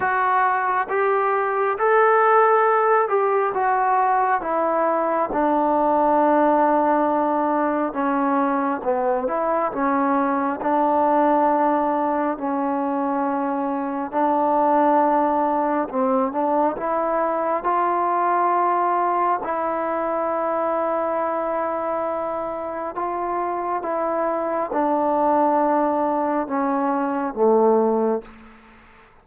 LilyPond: \new Staff \with { instrumentName = "trombone" } { \time 4/4 \tempo 4 = 68 fis'4 g'4 a'4. g'8 | fis'4 e'4 d'2~ | d'4 cis'4 b8 e'8 cis'4 | d'2 cis'2 |
d'2 c'8 d'8 e'4 | f'2 e'2~ | e'2 f'4 e'4 | d'2 cis'4 a4 | }